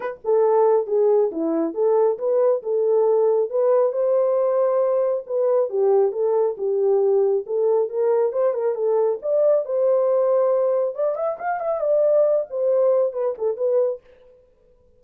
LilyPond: \new Staff \with { instrumentName = "horn" } { \time 4/4 \tempo 4 = 137 b'8 a'4. gis'4 e'4 | a'4 b'4 a'2 | b'4 c''2. | b'4 g'4 a'4 g'4~ |
g'4 a'4 ais'4 c''8 ais'8 | a'4 d''4 c''2~ | c''4 d''8 e''8 f''8 e''8 d''4~ | d''8 c''4. b'8 a'8 b'4 | }